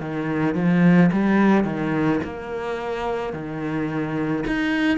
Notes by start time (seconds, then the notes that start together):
0.00 D#3
0.54 F3
1.12 G3
1.64 D#3
2.23 A#3
3.33 D#3
4.47 D#4